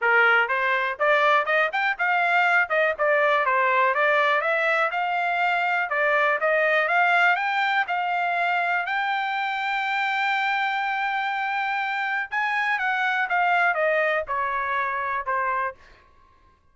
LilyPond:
\new Staff \with { instrumentName = "trumpet" } { \time 4/4 \tempo 4 = 122 ais'4 c''4 d''4 dis''8 g''8 | f''4. dis''8 d''4 c''4 | d''4 e''4 f''2 | d''4 dis''4 f''4 g''4 |
f''2 g''2~ | g''1~ | g''4 gis''4 fis''4 f''4 | dis''4 cis''2 c''4 | }